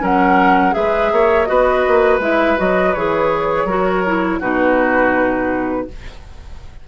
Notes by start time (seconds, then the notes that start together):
0.00 F#3 C#4 A#4 F#5
0.72 G#3 G#4 B4 E5
1.12 A#3 C#5
1.45 B3 F#4 B4 D#5
1.87 A#3
2.19 G#3 E4 E5
2.57 F#3 F#4 D#5
2.94 E3 G#4 C#5
3.64 F#3 F#4 A#4
4.06 E4
4.39 B2 D#4 F#4 B4